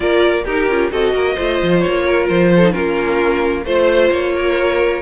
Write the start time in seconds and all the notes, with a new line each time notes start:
0.00 A#3 F4 A#4 D5
0.44 D#4 G4 A#4
0.68 C#4 F4
0.91 C4 F#4 A4 D#5
1.13 A#3 A#4
1.34 A3 F4 C5
1.62 F3
1.80 C#5
1.87 A#3
2.05 A#4
2.29 F3 C5
2.56 A4
2.62 D#4
2.71 A#3 C#4 F4 A#4
3.64 A3 F4 C5
4.11 A#3 C#5
4.35 A#4